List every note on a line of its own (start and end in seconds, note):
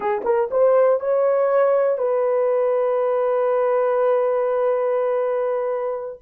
0.00 0.22 G#4
0.24 0.49 A#4
0.50 1.00 C5
1.00 1.98 C#5
1.98 6.19 B4